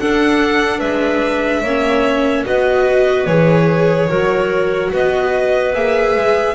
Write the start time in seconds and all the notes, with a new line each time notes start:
0.00 D4 A4 F#5
0.79 G#3 B4 E5
1.63 A#3 C#4 C#5
2.46 B3 F#4 B4 D#5
3.26 E3 G#4 C#5
4.09 F#3 F#4 A#4
4.93 B3 B4 D#5
5.75 A#3 G#4 E5
6.16 G#3